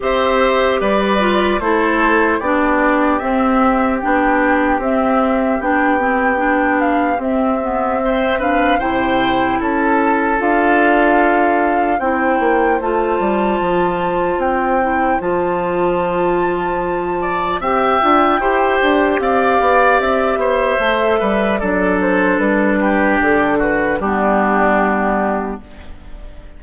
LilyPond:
<<
  \new Staff \with { instrumentName = "flute" } { \time 4/4 \tempo 4 = 75 e''4 d''4 c''4 d''4 | e''4 g''4 e''4 g''4~ | g''8 f''8 e''4. f''8 g''4 | a''4 f''2 g''4 |
a''2 g''4 a''4~ | a''2 g''2 | f''4 e''2 d''8 c''8 | b'4 a'8 b'8 g'2 | }
  \new Staff \with { instrumentName = "oboe" } { \time 4/4 c''4 b'4 a'4 g'4~ | g'1~ | g'2 c''8 b'8 c''4 | a'2. c''4~ |
c''1~ | c''4. d''8 e''4 c''4 | d''4. c''4 b'8 a'4~ | a'8 g'4 fis'8 d'2 | }
  \new Staff \with { instrumentName = "clarinet" } { \time 4/4 g'4. f'8 e'4 d'4 | c'4 d'4 c'4 d'8 c'8 | d'4 c'8 b8 c'8 d'8 e'4~ | e'4 f'2 e'4 |
f'2~ f'8 e'8 f'4~ | f'2 g'8 f'8 g'4~ | g'2 a'4 d'4~ | d'2 b2 | }
  \new Staff \with { instrumentName = "bassoon" } { \time 4/4 c'4 g4 a4 b4 | c'4 b4 c'4 b4~ | b4 c'2 c4 | cis'4 d'2 c'8 ais8 |
a8 g8 f4 c'4 f4~ | f2 c'8 d'8 e'8 d'8 | c'8 b8 c'8 b8 a8 g8 fis4 | g4 d4 g2 | }
>>